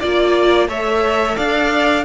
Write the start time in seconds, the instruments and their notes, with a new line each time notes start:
0.00 cello A#3, viola F4, violin D5
0.68 cello A3, viola A4, violin C#5 E5
1.37 cello D4, violin D5 F5